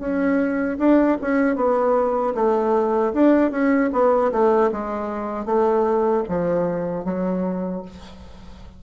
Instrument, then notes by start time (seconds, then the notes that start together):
bassoon
0.00 C#4
0.79 D4
1.22 C#4
1.56 B3
2.35 A3
3.14 D4
3.52 C#4
3.93 B3
4.32 A3
4.72 G#3
5.46 A3
6.29 F3
7.05 F#3